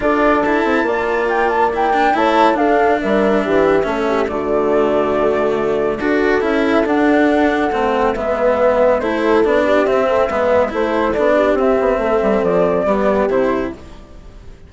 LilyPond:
<<
  \new Staff \with { instrumentName = "flute" } { \time 4/4 \tempo 4 = 140 d''4 a''2 g''8 a''8 | g''4 a''4 f''4 e''4~ | e''2 d''2~ | d''2. e''4 |
fis''2. e''4~ | e''4 c''4 d''4 e''4~ | e''4 c''4 d''4 e''4~ | e''4 d''2 c''4 | }
  \new Staff \with { instrumentName = "horn" } { \time 4/4 a'2 d''2~ | d''4 cis''4 a'4 ais'4 | g'4 a'8 g'8 fis'2~ | fis'2 a'2~ |
a'2. b'4~ | b'4 a'4. g'4 a'8 | b'4 a'4. g'4. | a'2 g'2 | }
  \new Staff \with { instrumentName = "cello" } { \time 4/4 f'4 e'4 f'2 | e'8 d'8 e'4 d'2~ | d'4 cis'4 a2~ | a2 fis'4 e'4 |
d'2 c'4 b4~ | b4 e'4 d'4 c'4 | b4 e'4 d'4 c'4~ | c'2 b4 e'4 | }
  \new Staff \with { instrumentName = "bassoon" } { \time 4/4 d'4. c'8 ais2~ | ais4 a4 d'4 g4 | e4 a4 d2~ | d2 d'4 cis'4 |
d'2 a4 gis4~ | gis4 a4 b4 c'4 | gis4 a4 b4 c'8 b8 | a8 g8 f4 g4 c4 | }
>>